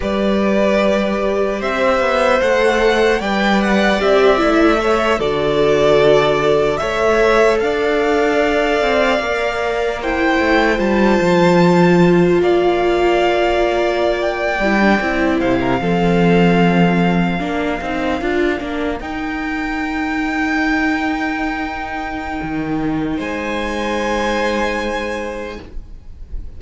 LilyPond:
<<
  \new Staff \with { instrumentName = "violin" } { \time 4/4 \tempo 4 = 75 d''2 e''4 fis''4 | g''8 fis''8 e''4. d''4.~ | d''8 e''4 f''2~ f''8~ | f''8 g''4 a''2 f''8~ |
f''4.~ f''16 g''4. f''8.~ | f''2.~ f''8. g''16~ | g''1~ | g''4 gis''2. | }
  \new Staff \with { instrumentName = "violin" } { \time 4/4 b'2 c''2 | d''2 cis''8 a'4.~ | a'8 cis''4 d''2~ d''8~ | d''8 c''2. d''8~ |
d''2.~ d''16 c''16 ais'16 a'16~ | a'4.~ a'16 ais'2~ ais'16~ | ais'1~ | ais'4 c''2. | }
  \new Staff \with { instrumentName = "viola" } { \time 4/4 g'2. a'4 | b'4 g'8 e'8 a'8 fis'4.~ | fis'8 a'2. ais'8~ | ais'8 e'4 f'2~ f'8~ |
f'2~ f'16 e'16 d'16 e'4 c'16~ | c'4.~ c'16 d'8 dis'8 f'8 d'8 dis'16~ | dis'1~ | dis'1 | }
  \new Staff \with { instrumentName = "cello" } { \time 4/4 g2 c'8 b8 a4 | g4 c'8 a4 d4.~ | d8 a4 d'4. c'8 ais8~ | ais4 a8 g8 f4. ais8~ |
ais2~ ais16 g8 c'8 c8 f16~ | f4.~ f16 ais8 c'8 d'8 ais8 dis'16~ | dis'1 | dis4 gis2. | }
>>